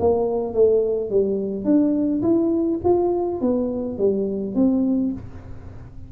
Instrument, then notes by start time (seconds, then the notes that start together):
tuba
0.00 A#3
0.54 A3
1.10 G3
1.65 D4
2.23 E4
2.84 F4
3.41 B3
3.98 G3
4.55 C4